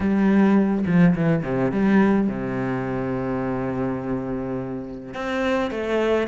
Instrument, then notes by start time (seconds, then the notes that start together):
cello
0.00 G3
0.86 F3
1.15 E3
1.43 C3
1.71 G3
2.28 C3
5.14 C4
5.70 A3